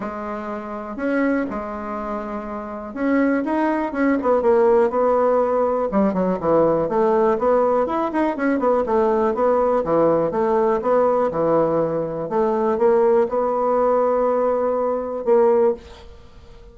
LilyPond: \new Staff \with { instrumentName = "bassoon" } { \time 4/4 \tempo 4 = 122 gis2 cis'4 gis4~ | gis2 cis'4 dis'4 | cis'8 b8 ais4 b2 | g8 fis8 e4 a4 b4 |
e'8 dis'8 cis'8 b8 a4 b4 | e4 a4 b4 e4~ | e4 a4 ais4 b4~ | b2. ais4 | }